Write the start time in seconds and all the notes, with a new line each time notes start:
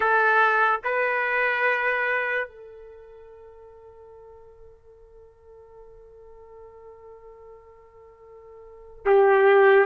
0.00 A4
0.83 B4
2.47 A4
9.05 G4